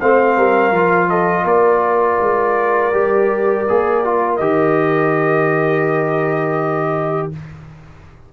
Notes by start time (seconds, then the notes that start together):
0.00 A3 C4 C5 F5
0.37 G3 A#4
0.71 F3 F4
1.09 A4 D#5
1.44 A#3 A#4 D5
2.21 G#3
2.93 G3 G4
3.68 A#3 G#4
4.04 F4
4.36 D#3 G4 D#5